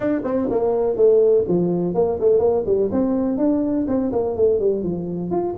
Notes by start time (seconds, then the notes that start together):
0.00 D4
0.24 C4
0.50 A#3
0.96 A3
1.48 F3
1.94 A#3
2.20 A3
2.39 A#3
2.65 G3
2.91 C4
3.37 D4
3.87 C4
4.12 A#3
4.36 A3
4.59 G3
4.83 F3
5.30 F4